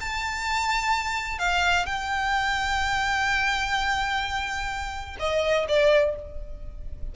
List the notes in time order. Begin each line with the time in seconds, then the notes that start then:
0.00 A5
1.38 F5
1.86 G5
5.19 D#5
5.68 D5